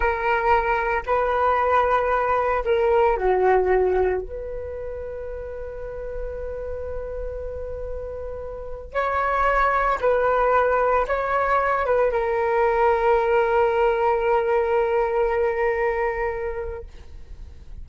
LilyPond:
\new Staff \with { instrumentName = "flute" } { \time 4/4 \tempo 4 = 114 ais'2 b'2~ | b'4 ais'4 fis'2 | b'1~ | b'1~ |
b'4 cis''2 b'4~ | b'4 cis''4. b'8 ais'4~ | ais'1~ | ais'1 | }